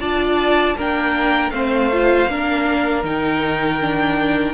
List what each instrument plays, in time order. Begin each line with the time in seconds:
0.00 cello D4, viola F4, violin D5 A5
0.77 cello A#3, viola D4, violin A#4 G5
1.51 cello A3, viola C4, violin C5 F5
1.93 viola F4
2.29 cello A#3, viola D4, violin A#4
3.03 cello D#3, viola D#4, violin G5
3.80 viola D4